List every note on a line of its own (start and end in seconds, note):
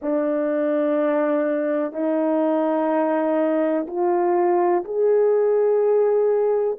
0.01 1.92 D4
1.92 3.86 D#4
3.87 4.84 F4
4.84 6.77 G#4